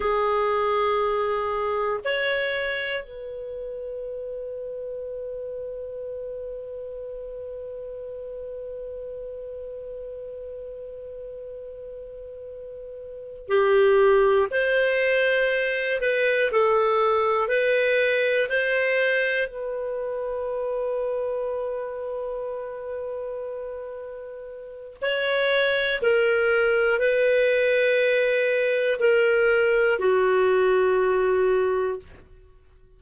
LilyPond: \new Staff \with { instrumentName = "clarinet" } { \time 4/4 \tempo 4 = 60 gis'2 cis''4 b'4~ | b'1~ | b'1~ | b'4. g'4 c''4. |
b'8 a'4 b'4 c''4 b'8~ | b'1~ | b'4 cis''4 ais'4 b'4~ | b'4 ais'4 fis'2 | }